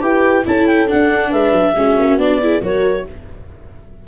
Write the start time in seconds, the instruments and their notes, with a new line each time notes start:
0.00 tuba E4, viola G4, horn B4, clarinet G5
0.45 tuba C#4, viola E4, horn A4, clarinet A5
0.67 clarinet G5
0.87 viola D4, tuba D4, clarinet F#5
1.29 tuba G#3, horn B4, clarinet E5
1.52 tuba F#3
1.76 tuba G#3, viola C#4, horn F#4
1.99 tuba A#3
2.18 tuba B3, viola D4, clarinet D5
2.42 viola E4, horn G#4
2.62 tuba F#3, viola F#4, horn A#4, clarinet C#5